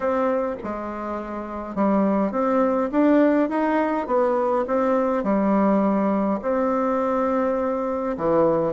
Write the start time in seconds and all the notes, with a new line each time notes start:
0.00 C4
0.63 G#3
1.75 G3
2.31 C4
2.91 D4
3.49 D#4
4.06 B3
4.67 C4
5.23 G3
6.42 C4
8.17 E3